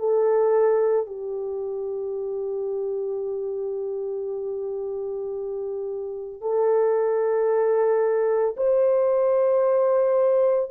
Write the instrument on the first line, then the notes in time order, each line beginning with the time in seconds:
horn
0.00 A4
1.07 G4
6.42 A4
8.57 C5